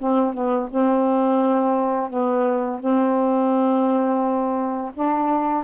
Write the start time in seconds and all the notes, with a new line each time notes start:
0.00 C4
0.34 B3
0.71 C4
2.10 B3
2.80 C4
4.95 D4